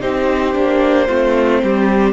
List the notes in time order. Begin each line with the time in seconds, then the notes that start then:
0.00 C4 D#4 G4 C5
0.53 A#3 D4
1.07 A3 C4 F4
1.63 G3 G4